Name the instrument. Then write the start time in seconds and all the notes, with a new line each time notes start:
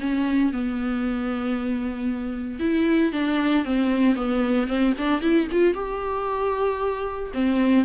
viola
0.00 C#4
0.52 B3
2.60 E4
3.12 D4
3.65 C4
4.15 B3
4.67 C4
4.98 D4
5.21 E4
5.51 F4
5.74 G4
7.33 C4